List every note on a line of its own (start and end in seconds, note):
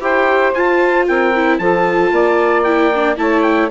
0.00 0.53 E4
0.00 0.53 G4
0.00 1.07 C5
0.00 0.54 G5
0.54 1.07 F4
0.54 1.34 F4
0.54 1.06 A5
1.07 1.59 C4
1.07 1.59 A#4
1.07 1.58 G5
1.35 1.61 E4
1.58 2.11 F3
1.58 2.66 F4
1.58 2.12 A4
1.58 2.63 A5
2.11 3.17 A#3
2.11 3.18 D5
2.63 2.92 E4
2.63 3.16 G5
2.94 3.16 D4
3.16 3.70 A3
3.16 3.69 E4
3.16 3.71 C#5
3.16 3.42 A5
3.42 3.68 G5